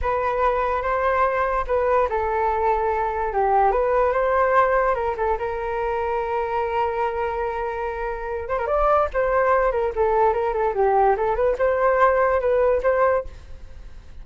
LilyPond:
\new Staff \with { instrumentName = "flute" } { \time 4/4 \tempo 4 = 145 b'2 c''2 | b'4 a'2. | g'4 b'4 c''2 | ais'8 a'8 ais'2.~ |
ais'1~ | ais'8 c''16 ais'16 d''4 c''4. ais'8 | a'4 ais'8 a'8 g'4 a'8 b'8 | c''2 b'4 c''4 | }